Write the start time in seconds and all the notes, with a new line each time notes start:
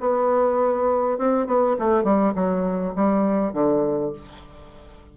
0.00 B3
1.18 C4
1.47 B3
1.79 A3
2.04 G3
2.35 F#3
2.95 G3
3.53 D3